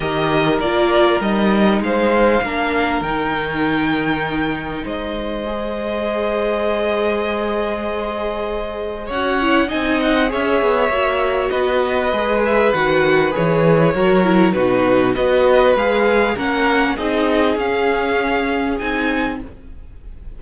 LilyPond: <<
  \new Staff \with { instrumentName = "violin" } { \time 4/4 \tempo 4 = 99 dis''4 d''4 dis''4 f''4~ | f''4 g''2. | dis''1~ | dis''2. fis''4 |
gis''8 fis''8 e''2 dis''4~ | dis''8 e''8 fis''4 cis''2 | b'4 dis''4 f''4 fis''4 | dis''4 f''2 gis''4 | }
  \new Staff \with { instrumentName = "violin" } { \time 4/4 ais'2. c''4 | ais'1 | c''1~ | c''2. cis''4 |
dis''4 cis''2 b'4~ | b'2. ais'4 | fis'4 b'2 ais'4 | gis'1 | }
  \new Staff \with { instrumentName = "viola" } { \time 4/4 g'4 f'4 dis'2 | d'4 dis'2.~ | dis'4 gis'2.~ | gis'2. fis'8 e'8 |
dis'4 gis'4 fis'2 | gis'4 fis'4 gis'4 fis'8 e'8 | dis'4 fis'4 gis'4 cis'4 | dis'4 cis'2 dis'4 | }
  \new Staff \with { instrumentName = "cello" } { \time 4/4 dis4 ais4 g4 gis4 | ais4 dis2. | gis1~ | gis2. cis'4 |
c'4 cis'8 b8 ais4 b4 | gis4 dis4 e4 fis4 | b,4 b4 gis4 ais4 | c'4 cis'2 c'4 | }
>>